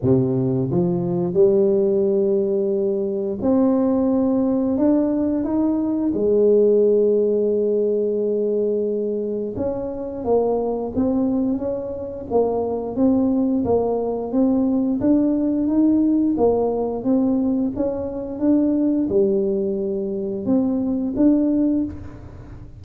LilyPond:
\new Staff \with { instrumentName = "tuba" } { \time 4/4 \tempo 4 = 88 c4 f4 g2~ | g4 c'2 d'4 | dis'4 gis2.~ | gis2 cis'4 ais4 |
c'4 cis'4 ais4 c'4 | ais4 c'4 d'4 dis'4 | ais4 c'4 cis'4 d'4 | g2 c'4 d'4 | }